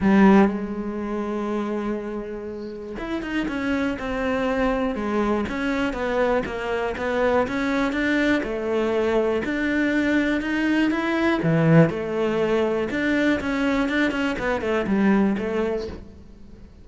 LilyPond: \new Staff \with { instrumentName = "cello" } { \time 4/4 \tempo 4 = 121 g4 gis2.~ | gis2 e'8 dis'8 cis'4 | c'2 gis4 cis'4 | b4 ais4 b4 cis'4 |
d'4 a2 d'4~ | d'4 dis'4 e'4 e4 | a2 d'4 cis'4 | d'8 cis'8 b8 a8 g4 a4 | }